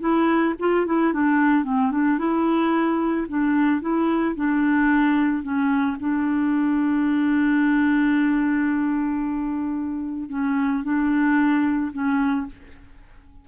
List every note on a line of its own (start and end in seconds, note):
0.00 0.54 E4
0.59 0.86 F4
0.86 1.13 E4
1.13 1.64 D4
1.64 1.91 C4
1.91 2.18 D4
2.18 3.27 E4
3.28 3.81 D4
3.81 4.35 E4
4.36 5.43 D4
5.43 5.97 C#4
5.99 10.29 D4
10.29 10.83 C#4
10.84 11.92 D4
11.92 12.46 C#4